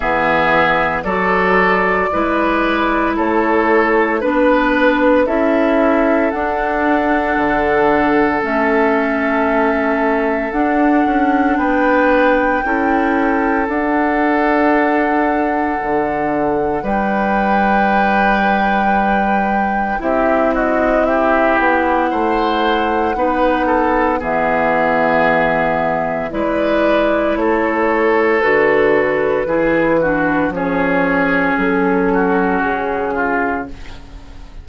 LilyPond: <<
  \new Staff \with { instrumentName = "flute" } { \time 4/4 \tempo 4 = 57 e''4 d''2 cis''4 | b'4 e''4 fis''2 | e''2 fis''4 g''4~ | g''4 fis''2. |
g''2. e''8 dis''8 | e''8 fis''2~ fis''8 e''4~ | e''4 d''4 cis''4 b'4~ | b'4 cis''4 a'4 gis'4 | }
  \new Staff \with { instrumentName = "oboe" } { \time 4/4 gis'4 a'4 b'4 a'4 | b'4 a'2.~ | a'2. b'4 | a'1 |
b'2. g'8 fis'8 | g'4 c''4 b'8 a'8 gis'4~ | gis'4 b'4 a'2 | gis'8 fis'8 gis'4. fis'4 f'8 | }
  \new Staff \with { instrumentName = "clarinet" } { \time 4/4 b4 fis'4 e'2 | d'4 e'4 d'2 | cis'2 d'2 | e'4 d'2.~ |
d'2. e'4~ | e'2 dis'4 b4~ | b4 e'2 fis'4 | e'8 d'8 cis'2. | }
  \new Staff \with { instrumentName = "bassoon" } { \time 4/4 e4 fis4 gis4 a4 | b4 cis'4 d'4 d4 | a2 d'8 cis'8 b4 | cis'4 d'2 d4 |
g2. c'4~ | c'8 b8 a4 b4 e4~ | e4 gis4 a4 d4 | e4 f4 fis4 cis4 | }
>>